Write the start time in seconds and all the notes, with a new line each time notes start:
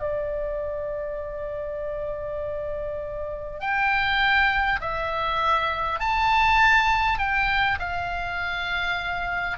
0.00 D5
3.60 G5
4.81 E5
5.99 A5
7.18 G5
7.79 F5